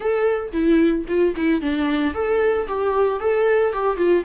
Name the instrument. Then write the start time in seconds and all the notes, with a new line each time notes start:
viola
0.00 A4
0.52 E4
1.08 F4
1.36 E4
1.61 D4
2.14 A4
2.67 G4
3.20 A4
3.73 G4
3.97 F4